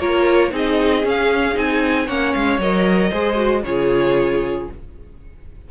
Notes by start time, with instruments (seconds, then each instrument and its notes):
0.00 cello A#3, viola F4, violin A#4 C#5
0.51 cello C4, viola D#4, violin G#4 D#5
1.04 viola C#4, cello C#4, violin F5
1.54 cello C4, viola D#4, violin G#5
2.06 cello A#3, viola C#4, violin C#5 F#5
2.34 cello G#3, violin F5
2.59 cello F#3, viola A#4, violin D#5
3.11 cello G#3, viola G#4, violin C5
3.36 viola F#4
3.64 cello C#3, viola F4, violin G#4 C#5